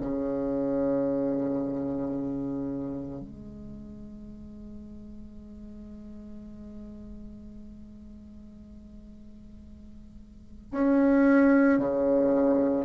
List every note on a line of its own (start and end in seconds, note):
0.00 3.21 C#3
3.21 10.71 G#3
10.71 11.79 C#4
11.79 12.85 C#3